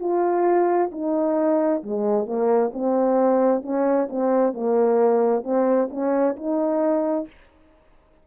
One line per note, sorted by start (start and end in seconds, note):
0.00 0.91 F4
0.92 1.83 D#4
1.83 2.26 G#3
2.26 2.71 A#3
2.73 3.63 C4
3.63 4.09 C#4
4.10 4.54 C4
4.54 5.44 A#3
5.44 5.89 C4
5.91 6.36 C#4
6.36 7.27 D#4